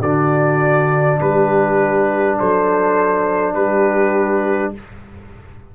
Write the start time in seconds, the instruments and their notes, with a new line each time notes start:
0.00 tuba D3, trombone D4, horn F#4, trumpet D5
1.20 tuba G3, horn G4, trumpet B4
2.38 tuba F#3, horn A4, trumpet C5
3.54 tuba G3, horn G4, trumpet B4